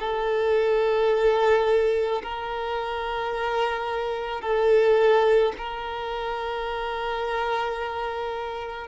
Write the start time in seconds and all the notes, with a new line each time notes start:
0.00 A4
2.23 A#4
4.41 A4
5.58 A#4